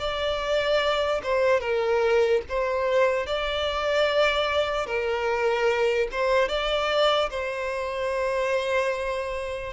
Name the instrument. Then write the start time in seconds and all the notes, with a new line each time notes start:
violin
0.00 D5
1.23 C5
1.61 A#4
2.49 C5
3.27 D5
4.86 A#4
6.12 C5
6.49 D5
7.30 C5